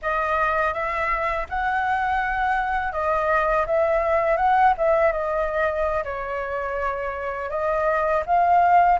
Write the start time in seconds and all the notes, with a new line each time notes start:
0.02 D#5
0.73 E5
1.49 F#5
2.92 D#5
3.66 E5
4.37 F#5
4.77 E5
5.12 D#5
6.04 C#5
7.50 D#5
8.25 F5